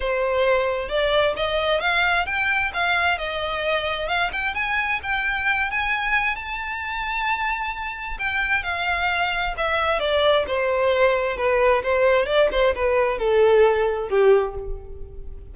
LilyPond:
\new Staff \with { instrumentName = "violin" } { \time 4/4 \tempo 4 = 132 c''2 d''4 dis''4 | f''4 g''4 f''4 dis''4~ | dis''4 f''8 g''8 gis''4 g''4~ | g''8 gis''4. a''2~ |
a''2 g''4 f''4~ | f''4 e''4 d''4 c''4~ | c''4 b'4 c''4 d''8 c''8 | b'4 a'2 g'4 | }